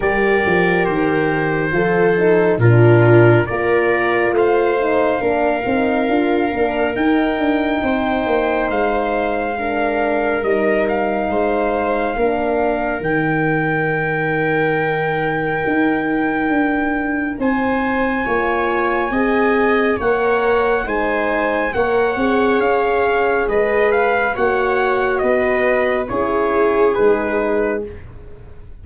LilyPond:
<<
  \new Staff \with { instrumentName = "trumpet" } { \time 4/4 \tempo 4 = 69 d''4 c''2 ais'4 | d''4 f''2. | g''2 f''2 | dis''8 f''2~ f''8 g''4~ |
g''1 | gis''2. fis''4 | gis''4 fis''4 f''4 dis''8 f''8 | fis''4 dis''4 cis''4 b'4 | }
  \new Staff \with { instrumentName = "viola" } { \time 4/4 ais'2 a'4 f'4 | ais'4 c''4 ais'2~ | ais'4 c''2 ais'4~ | ais'4 c''4 ais'2~ |
ais'1 | c''4 cis''4 dis''4 cis''4 | c''4 cis''2 b'4 | cis''4 b'4 gis'2 | }
  \new Staff \with { instrumentName = "horn" } { \time 4/4 g'2 f'8 dis'8 d'4 | f'4. dis'8 d'8 dis'8 f'8 d'8 | dis'2. d'4 | dis'2 d'4 dis'4~ |
dis'1~ | dis'4 f'4 gis'4 ais'4 | dis'4 ais'8 gis'2~ gis'8 | fis'2 e'4 dis'4 | }
  \new Staff \with { instrumentName = "tuba" } { \time 4/4 g8 f8 dis4 f4 ais,4 | ais4 a4 ais8 c'8 d'8 ais8 | dis'8 d'8 c'8 ais8 gis2 | g4 gis4 ais4 dis4~ |
dis2 dis'4 d'4 | c'4 ais4 c'4 ais4 | gis4 ais8 c'8 cis'4 gis4 | ais4 b4 cis'4 gis4 | }
>>